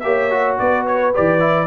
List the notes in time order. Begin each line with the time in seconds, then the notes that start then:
0.00 A#3 G4 C#5 E5
0.31 F#4
0.59 B3 B4 D5
0.87 C#5
1.14 E3 G4 D5
1.40 E4